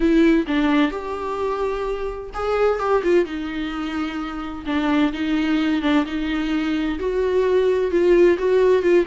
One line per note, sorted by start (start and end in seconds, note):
0.00 0.45 E4
0.47 0.91 D4
0.91 2.30 G4
2.33 2.79 G#4
2.79 3.02 G4
3.03 3.25 F4
3.25 4.64 D#4
4.65 5.12 D4
5.12 5.81 D#4
5.81 6.05 D4
6.05 6.98 D#4
6.99 7.91 F#4
7.91 8.37 F4
8.38 8.82 F#4
8.82 9.05 F4